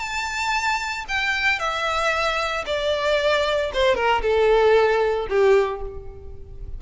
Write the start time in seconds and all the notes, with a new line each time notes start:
0.00 A5
1.09 G5
1.59 E5
2.67 D5
3.74 C5
3.95 A#4
4.22 A4
5.29 G4